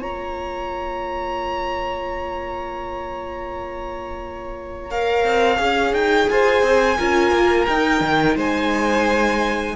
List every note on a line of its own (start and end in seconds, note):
0.00 5.23 A#3
0.00 4.88 F4
0.00 6.29 C#5
0.00 4.90 A#5
4.90 5.57 A#4
4.90 5.94 F5
5.23 5.58 C4
5.57 5.92 C#4
5.57 6.97 G#4
5.92 6.27 D#4
5.92 6.29 G5
6.29 6.62 F4
6.29 6.98 C5
6.29 7.66 G#5
6.62 6.97 C4
6.98 7.31 C#4
6.98 7.68 F4
6.98 8.36 A#4
7.31 7.66 A#3
7.66 8.01 D#4
7.66 9.76 D#4
7.66 8.35 G5
8.01 8.36 D#3
8.36 9.75 G#3
8.36 9.76 C5
8.36 9.76 G#5